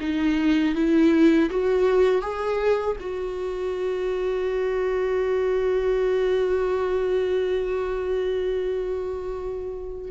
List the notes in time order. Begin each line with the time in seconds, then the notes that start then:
0.00 D#4
0.75 E4
1.50 F#4
2.22 G#4
3.00 F#4